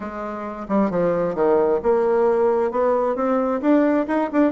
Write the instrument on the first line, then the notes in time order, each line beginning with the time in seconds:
bassoon
0.00 G#3
0.68 G3
0.90 F3
1.34 D#3
1.82 A#3
2.71 B3
3.15 C4
3.61 D4
4.07 D#4
4.32 D4